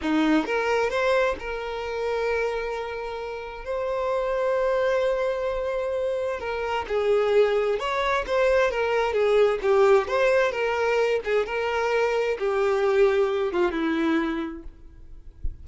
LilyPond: \new Staff \with { instrumentName = "violin" } { \time 4/4 \tempo 4 = 131 dis'4 ais'4 c''4 ais'4~ | ais'1 | c''1~ | c''2 ais'4 gis'4~ |
gis'4 cis''4 c''4 ais'4 | gis'4 g'4 c''4 ais'4~ | ais'8 gis'8 ais'2 g'4~ | g'4. f'8 e'2 | }